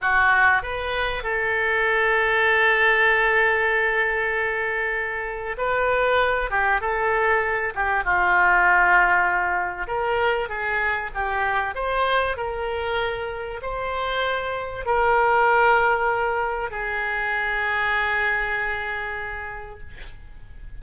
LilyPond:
\new Staff \with { instrumentName = "oboe" } { \time 4/4 \tempo 4 = 97 fis'4 b'4 a'2~ | a'1~ | a'4 b'4. g'8 a'4~ | a'8 g'8 f'2. |
ais'4 gis'4 g'4 c''4 | ais'2 c''2 | ais'2. gis'4~ | gis'1 | }